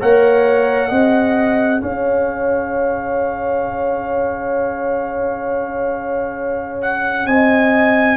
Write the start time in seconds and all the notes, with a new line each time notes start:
0.00 A#3 A#4 C#5 F#5
0.89 C4 G#4 D#5
1.81 C#4 C#5 F5
6.82 F#5
7.26 C4 D#5 G#5